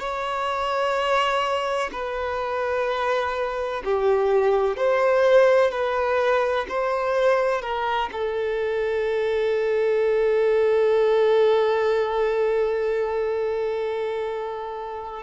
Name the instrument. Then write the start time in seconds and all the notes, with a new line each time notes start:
violin
0.00 C#5
1.93 B4
3.85 G4
4.77 C5
5.71 B4
6.69 C5
7.62 A#4
8.13 A4